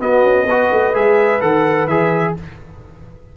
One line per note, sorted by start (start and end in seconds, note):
0.00 0.47 B3
0.00 0.24 B3
0.00 0.48 F#4
0.00 0.95 D#5
0.24 0.46 C#4
0.46 0.70 B3
0.46 0.94 F#4
0.46 2.35 B4
0.72 0.95 A3
0.94 1.42 G#3
0.94 1.41 G#4
0.94 1.41 E5
1.41 1.88 D#3
1.41 1.88 A4
1.41 1.88 F#5
1.88 2.35 E3
1.88 2.37 G#4
1.88 2.35 E5